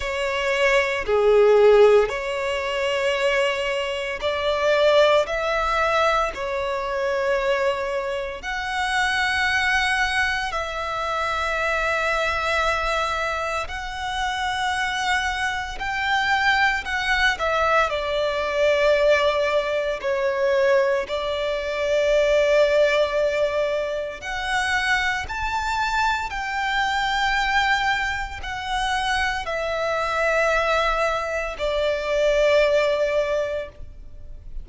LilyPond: \new Staff \with { instrumentName = "violin" } { \time 4/4 \tempo 4 = 57 cis''4 gis'4 cis''2 | d''4 e''4 cis''2 | fis''2 e''2~ | e''4 fis''2 g''4 |
fis''8 e''8 d''2 cis''4 | d''2. fis''4 | a''4 g''2 fis''4 | e''2 d''2 | }